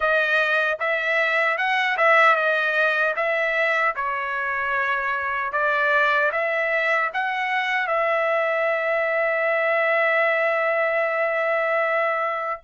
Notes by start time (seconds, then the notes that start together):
0.00 D#5
0.79 E5
1.57 F#5
1.97 E5
2.35 D#5
3.16 E5
3.95 C#5
5.52 D5
6.32 E5
7.13 F#5
7.87 E5